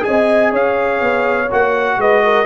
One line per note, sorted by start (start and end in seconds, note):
0.00 1.46 G#4
0.00 0.51 D#5
0.00 0.52 G#5
0.07 0.52 C4
0.51 1.01 C#4
0.51 1.98 C#5
0.51 1.52 F5
1.01 1.49 B3
1.50 1.97 A#3
1.50 2.46 F#4
1.50 2.01 F#5
1.97 2.46 G#3
1.97 2.24 B4
1.97 2.46 D#5
2.24 2.46 A#4